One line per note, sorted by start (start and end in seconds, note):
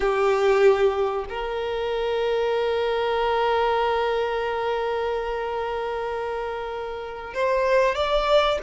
0.00 1.25 G4
1.29 7.33 A#4
7.33 7.95 C5
7.95 8.59 D5